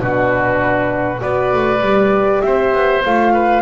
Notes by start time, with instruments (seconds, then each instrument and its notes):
0.00 double bass B2, horn D4, oboe F#4, flute B4
1.19 double bass B3, horn F#4, oboe B4, flute D5
1.54 double bass A3
1.81 double bass G3, horn G4
2.42 double bass C4, oboe C5, flute E5
2.73 double bass B3
3.05 double bass A3, horn F4, flute F5
3.34 oboe B4